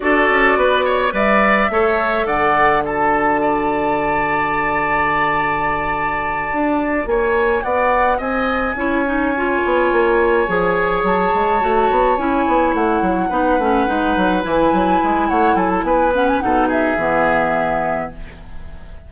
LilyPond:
<<
  \new Staff \with { instrumentName = "flute" } { \time 4/4 \tempo 4 = 106 d''2 e''2 | fis''4 a''2.~ | a''1~ | a''8 gis''4 fis''4 gis''4.~ |
gis''2.~ gis''8 a''8~ | a''4. gis''4 fis''4.~ | fis''4. gis''4. fis''8 gis''16 a''16 | gis''8 fis''16 gis''16 fis''8 e''2~ e''8 | }
  \new Staff \with { instrumentName = "oboe" } { \time 4/4 a'4 b'8 cis''8 d''4 cis''4 | d''4 a'4 d''2~ | d''1~ | d''8 cis''4 d''4 dis''4 cis''8~ |
cis''1~ | cis''2.~ cis''8 b'8~ | b'2. cis''8 a'8 | b'4 a'8 gis'2~ gis'8 | }
  \new Staff \with { instrumentName = "clarinet" } { \time 4/4 fis'2 b'4 a'4~ | a'4 fis'2.~ | fis'1~ | fis'2.~ fis'8 e'8 |
dis'8 f'2 gis'4.~ | gis'8 fis'4 e'2 dis'8 | cis'8 dis'4 e'2~ e'8~ | e'8 cis'8 dis'4 b2 | }
  \new Staff \with { instrumentName = "bassoon" } { \time 4/4 d'8 cis'8 b4 g4 a4 | d1~ | d2.~ d8 d'8~ | d'8 ais4 b4 c'4 cis'8~ |
cis'4 b8 ais4 f4 fis8 | gis8 a8 b8 cis'8 b8 a8 fis8 b8 | a8 gis8 fis8 e8 fis8 gis8 a8 fis8 | b4 b,4 e2 | }
>>